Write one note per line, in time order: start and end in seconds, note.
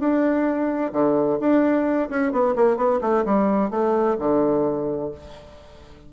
0.00 0.92 D4
0.93 1.39 D3
1.40 2.09 D4
2.10 2.32 C#4
2.32 2.55 B3
2.56 2.77 A#3
2.77 3.00 B3
3.02 3.25 A3
3.25 3.71 G3
3.71 4.17 A3
4.19 5.11 D3